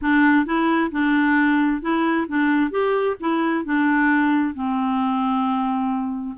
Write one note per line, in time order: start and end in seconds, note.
0.01 0.45 D4
0.45 0.90 E4
0.91 1.81 D4
1.81 2.26 E4
2.27 2.70 D4
2.70 3.16 G4
3.20 3.64 E4
3.64 4.54 D4
4.54 6.36 C4